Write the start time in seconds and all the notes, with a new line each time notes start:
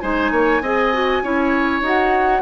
0.00 G#3 D#4 C5 G#5
0.31 A#3 C#5
0.61 C4 G#4 D#5
0.93 F#4
1.23 C#4 E4 C#5
1.81 D#4 F#4 F#5